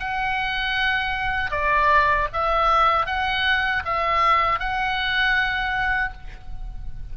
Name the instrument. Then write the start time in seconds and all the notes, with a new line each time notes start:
oboe
0.00 F#5
1.51 D5
2.34 E5
3.07 F#5
3.85 E5
4.60 F#5